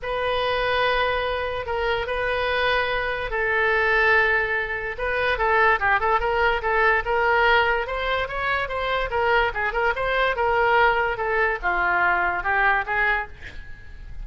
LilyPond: \new Staff \with { instrumentName = "oboe" } { \time 4/4 \tempo 4 = 145 b'1 | ais'4 b'2. | a'1 | b'4 a'4 g'8 a'8 ais'4 |
a'4 ais'2 c''4 | cis''4 c''4 ais'4 gis'8 ais'8 | c''4 ais'2 a'4 | f'2 g'4 gis'4 | }